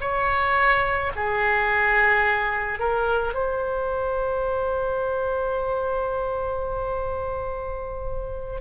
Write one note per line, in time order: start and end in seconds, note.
0.00 1.11 C#5
1.15 2.79 G#4
2.79 3.34 A#4
3.34 8.61 C5